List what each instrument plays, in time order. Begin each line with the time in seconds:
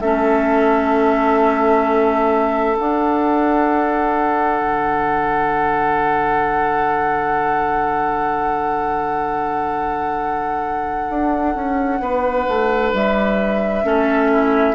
0.00 bassoon A3, clarinet C#4, oboe A4, flute E5
2.77 clarinet D4, bassoon D4, flute F#5
4.60 bassoon D3
11.10 bassoon D4
11.55 bassoon C#4
12.00 bassoon B3, oboe B4
12.48 bassoon A3
12.93 bassoon G3, flute E5
13.83 bassoon A3, clarinet C#4, oboe A4
14.31 oboe E4